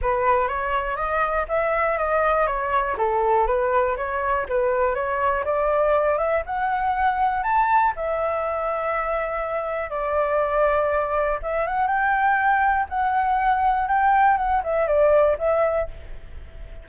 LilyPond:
\new Staff \with { instrumentName = "flute" } { \time 4/4 \tempo 4 = 121 b'4 cis''4 dis''4 e''4 | dis''4 cis''4 a'4 b'4 | cis''4 b'4 cis''4 d''4~ | d''8 e''8 fis''2 a''4 |
e''1 | d''2. e''8 fis''8 | g''2 fis''2 | g''4 fis''8 e''8 d''4 e''4 | }